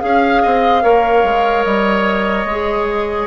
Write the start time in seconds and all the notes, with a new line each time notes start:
0.00 C#4 G#4 F5
0.42 C4 D#5
0.82 A#3 A#4 C#5
1.23 G#3
1.64 G3 D#5
2.45 G#3
2.51 G#4